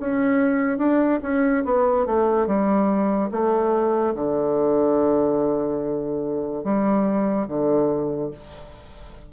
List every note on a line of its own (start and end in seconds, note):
0.00 0.78 C#4
0.78 1.20 D4
1.23 1.64 C#4
1.65 2.06 B3
2.06 2.47 A3
2.47 3.31 G3
3.31 4.15 A3
4.15 6.64 D3
6.64 7.48 G3
7.48 8.31 D3